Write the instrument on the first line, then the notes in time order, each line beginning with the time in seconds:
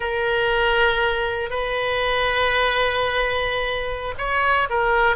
oboe
0.00 A#4
1.49 B4
4.18 C#5
4.69 A#4